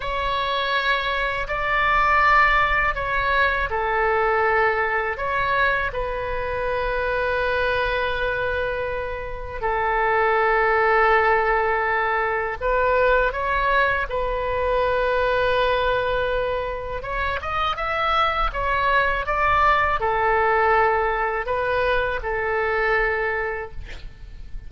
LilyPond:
\new Staff \with { instrumentName = "oboe" } { \time 4/4 \tempo 4 = 81 cis''2 d''2 | cis''4 a'2 cis''4 | b'1~ | b'4 a'2.~ |
a'4 b'4 cis''4 b'4~ | b'2. cis''8 dis''8 | e''4 cis''4 d''4 a'4~ | a'4 b'4 a'2 | }